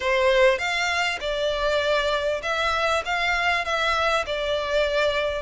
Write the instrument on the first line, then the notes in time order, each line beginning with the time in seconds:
violin
0.00 C5
0.58 F5
1.20 D5
2.42 E5
3.05 F5
3.64 E5
4.26 D5